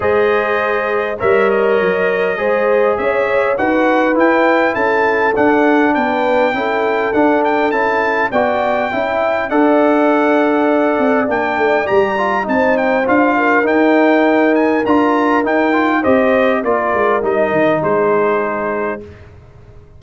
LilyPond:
<<
  \new Staff \with { instrumentName = "trumpet" } { \time 4/4 \tempo 4 = 101 dis''2 e''8 dis''4.~ | dis''4 e''4 fis''4 g''4 | a''4 fis''4 g''2 | fis''8 g''8 a''4 g''2 |
fis''2. g''4 | ais''4 a''8 g''8 f''4 g''4~ | g''8 gis''8 ais''4 g''4 dis''4 | d''4 dis''4 c''2 | }
  \new Staff \with { instrumentName = "horn" } { \time 4/4 c''2 cis''2 | c''4 cis''4 b'2 | a'2 b'4 a'4~ | a'2 d''4 e''4 |
d''1~ | d''4 c''4. ais'4.~ | ais'2. c''4 | ais'2 gis'2 | }
  \new Staff \with { instrumentName = "trombone" } { \time 4/4 gis'2 ais'2 | gis'2 fis'4 e'4~ | e'4 d'2 e'4 | d'4 e'4 fis'4 e'4 |
a'2. d'4 | g'8 f'8 dis'4 f'4 dis'4~ | dis'4 f'4 dis'8 f'8 g'4 | f'4 dis'2. | }
  \new Staff \with { instrumentName = "tuba" } { \time 4/4 gis2 g4 fis4 | gis4 cis'4 dis'4 e'4 | cis'4 d'4 b4 cis'4 | d'4 cis'4 b4 cis'4 |
d'2~ d'8 c'8 ais8 a8 | g4 c'4 d'4 dis'4~ | dis'4 d'4 dis'4 c'4 | ais8 gis8 g8 dis8 gis2 | }
>>